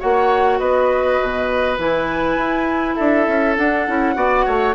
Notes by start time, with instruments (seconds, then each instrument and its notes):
0.00 bassoon A#3, clarinet F#4, oboe C#5, flute F#5
0.59 bassoon B3, oboe B4, flute D#5
1.22 bassoon B2
1.79 bassoon E3, clarinet E4, flute G#5
2.37 bassoon E4
2.96 bassoon D4, oboe A4, flute E5
3.28 bassoon C#4
3.57 bassoon D4, clarinet D4, flute F#5
3.88 bassoon C#4, clarinet E4
4.15 bassoon B3, clarinet F#4, oboe D5
4.46 bassoon A3, oboe C#5